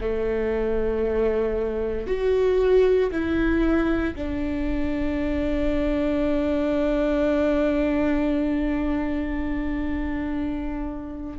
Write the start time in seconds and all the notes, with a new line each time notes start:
0.00 A3
2.07 F#4
3.11 E4
4.15 D4